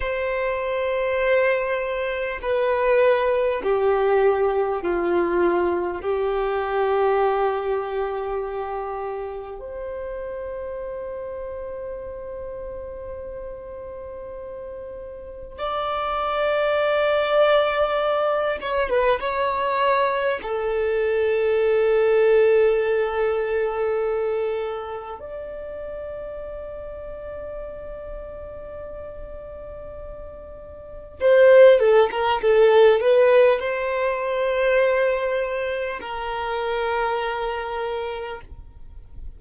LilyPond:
\new Staff \with { instrumentName = "violin" } { \time 4/4 \tempo 4 = 50 c''2 b'4 g'4 | f'4 g'2. | c''1~ | c''4 d''2~ d''8 cis''16 b'16 |
cis''4 a'2.~ | a'4 d''2.~ | d''2 c''8 a'16 ais'16 a'8 b'8 | c''2 ais'2 | }